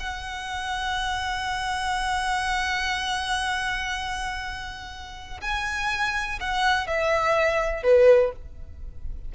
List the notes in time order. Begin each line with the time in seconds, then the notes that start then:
0.00 F#5
5.41 G#5
6.40 F#5
6.87 E5
7.83 B4